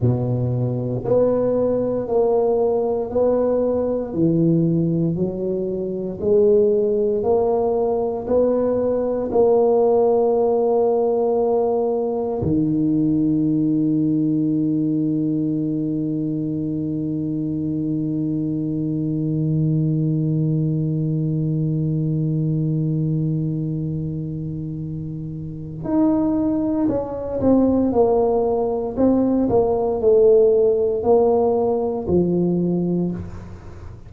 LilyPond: \new Staff \with { instrumentName = "tuba" } { \time 4/4 \tempo 4 = 58 b,4 b4 ais4 b4 | e4 fis4 gis4 ais4 | b4 ais2. | dis1~ |
dis1~ | dis1~ | dis4 dis'4 cis'8 c'8 ais4 | c'8 ais8 a4 ais4 f4 | }